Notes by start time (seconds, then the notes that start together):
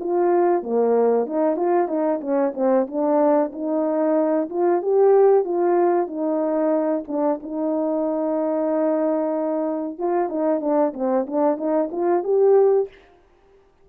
0.00 F4
0.63 A#3
1.27 D#4
1.57 F4
1.88 D#4
2.21 C#4
2.55 C4
2.88 D4
3.53 D#4
4.50 F4
4.82 G4
5.45 F4
6.08 D#4
7.08 D4
7.43 D#4
9.99 F4
10.30 D#4
10.61 D4
10.94 C4
11.28 D4
11.58 D#4
11.92 F4
12.24 G4